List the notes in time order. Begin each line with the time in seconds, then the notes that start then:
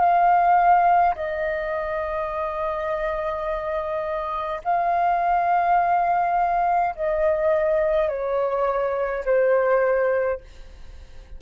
0.00 F5
1.16 D#5
4.65 F5
6.95 D#5
8.09 C#5
9.25 C5